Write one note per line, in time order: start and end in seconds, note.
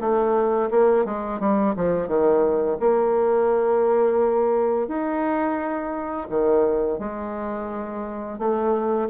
0.00 0.70 A3
0.70 1.05 A#3
1.05 1.40 G#3
1.40 1.75 G3
1.76 2.08 F3
2.08 2.77 D#3
2.80 4.88 A#3
4.88 6.27 D#4
6.29 6.99 D#3
6.99 8.38 G#3
8.39 9.09 A3